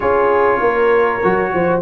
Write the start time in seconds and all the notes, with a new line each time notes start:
0.00 C#4 F4 G#4 C#5
0.60 A#3 A#4
1.23 F#3 F#4
1.53 F3 C5